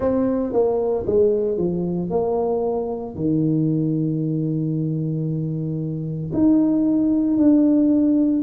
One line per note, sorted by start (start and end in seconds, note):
0.00 0.53 C4
0.53 1.05 A#3
1.06 1.57 G#3
1.57 2.10 F3
2.10 3.15 A#3
3.15 6.31 D#3
6.33 7.37 D#4
7.37 8.42 D4